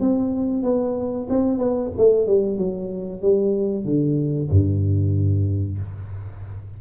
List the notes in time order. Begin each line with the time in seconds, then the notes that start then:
0.00 C4
0.63 B3
1.29 C4
1.58 B3
1.97 A3
2.27 G3
2.58 F#3
3.22 G3
3.85 D3
4.50 G2